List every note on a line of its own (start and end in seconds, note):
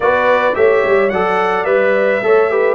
0.00 0.54 B3
0.00 0.54 F#4
0.00 0.56 B4
0.00 0.55 D5
0.54 0.84 A3
0.54 1.09 G4
0.54 1.12 C#5
0.54 1.09 E5
0.85 1.11 G3
1.09 1.65 F#3
1.09 1.65 A4
1.09 2.23 D5
1.09 1.64 F#5
1.64 2.20 G3
1.64 2.20 B4
1.64 2.74 E5
2.22 2.74 A3
2.22 2.50 A4
2.22 2.51 C#5
2.50 2.74 G4
2.50 2.74 B4